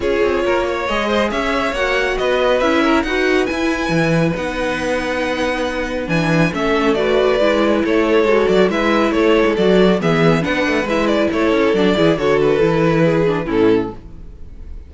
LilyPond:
<<
  \new Staff \with { instrumentName = "violin" } { \time 4/4 \tempo 4 = 138 cis''2 dis''4 e''4 | fis''4 dis''4 e''4 fis''4 | gis''2 fis''2~ | fis''2 gis''4 e''4 |
d''2 cis''4. d''8 | e''4 cis''4 d''4 e''4 | fis''4 e''8 d''8 cis''4 d''4 | cis''8 b'2~ b'8 a'4 | }
  \new Staff \with { instrumentName = "violin" } { \time 4/4 gis'4 ais'8 cis''4 c''8 cis''4~ | cis''4 b'4. ais'8 b'4~ | b'1~ | b'2. a'4 |
b'2 a'2 | b'4 a'2 gis'4 | b'2 a'4. gis'8 | a'2 gis'4 e'4 | }
  \new Staff \with { instrumentName = "viola" } { \time 4/4 f'2 gis'2 | fis'2 e'4 fis'4 | e'2 dis'2~ | dis'2 d'4 cis'4 |
fis'4 e'2 fis'4 | e'2 fis'4 b4 | d'4 e'2 d'8 e'8 | fis'4 e'4. d'8 cis'4 | }
  \new Staff \with { instrumentName = "cello" } { \time 4/4 cis'8 c'8 ais4 gis4 cis'4 | ais4 b4 cis'4 dis'4 | e'4 e4 b2~ | b2 e4 a4~ |
a4 gis4 a4 gis8 fis8 | gis4 a8. gis16 fis4 e4 | b8 a8 gis4 a8 cis'8 fis8 e8 | d4 e2 a,4 | }
>>